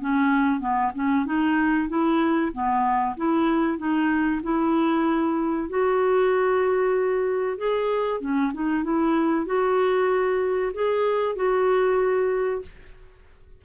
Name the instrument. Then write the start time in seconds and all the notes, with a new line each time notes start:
clarinet
0.00 C#4
0.60 B3
0.94 C#4
1.25 D#4
1.88 E4
2.52 B3
3.17 E4
3.78 D#4
4.43 E4
5.69 F#4
7.57 G#4
8.20 C#4
8.53 D#4
8.83 E4
9.46 F#4
10.73 G#4
11.35 F#4